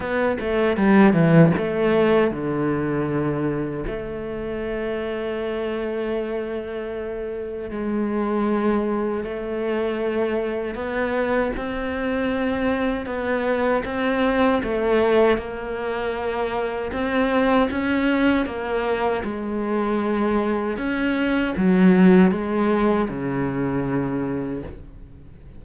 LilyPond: \new Staff \with { instrumentName = "cello" } { \time 4/4 \tempo 4 = 78 b8 a8 g8 e8 a4 d4~ | d4 a2.~ | a2 gis2 | a2 b4 c'4~ |
c'4 b4 c'4 a4 | ais2 c'4 cis'4 | ais4 gis2 cis'4 | fis4 gis4 cis2 | }